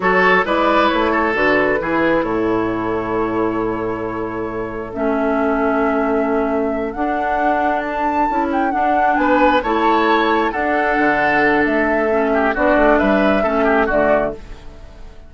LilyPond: <<
  \new Staff \with { instrumentName = "flute" } { \time 4/4 \tempo 4 = 134 cis''4 d''4 cis''4 b'4~ | b'4 cis''2.~ | cis''2. e''4~ | e''2.~ e''8 fis''8~ |
fis''4. a''4. g''8 fis''8~ | fis''8 gis''4 a''2 fis''8~ | fis''2 e''2 | d''4 e''2 d''4 | }
  \new Staff \with { instrumentName = "oboe" } { \time 4/4 a'4 b'4. a'4. | gis'4 a'2.~ | a'1~ | a'1~ |
a'1~ | a'8 b'4 cis''2 a'8~ | a'2.~ a'8 g'8 | fis'4 b'4 a'8 g'8 fis'4 | }
  \new Staff \with { instrumentName = "clarinet" } { \time 4/4 fis'4 e'2 fis'4 | e'1~ | e'2. cis'4~ | cis'2.~ cis'8 d'8~ |
d'2~ d'8 e'4 d'8~ | d'4. e'2 d'8~ | d'2. cis'4 | d'2 cis'4 a4 | }
  \new Staff \with { instrumentName = "bassoon" } { \time 4/4 fis4 gis4 a4 d4 | e4 a,2.~ | a,2. a4~ | a2.~ a8 d'8~ |
d'2~ d'8 cis'4 d'8~ | d'8 b4 a2 d'8~ | d'8 d4. a2 | b8 a8 g4 a4 d4 | }
>>